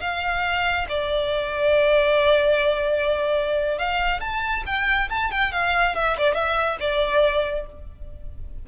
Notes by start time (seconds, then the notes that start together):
0.00 F5
0.88 D5
3.78 F5
4.20 A5
4.65 G5
5.09 A5
5.31 G5
5.52 F5
5.95 E5
6.17 D5
6.34 E5
6.79 D5